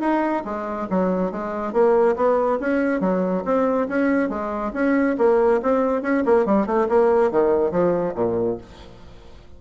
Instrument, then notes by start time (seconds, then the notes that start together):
bassoon
0.00 D#4
0.45 G#3
0.90 F#3
1.31 G#3
1.73 A#3
2.16 B3
2.60 C#4
3.00 F#3
3.45 C4
3.88 C#4
4.29 G#3
4.73 C#4
5.18 A#3
5.62 C4
6.02 C#4
6.26 A#3
6.45 G3
6.66 A3
6.89 A#3
7.31 D#3
7.71 F3
8.15 A#2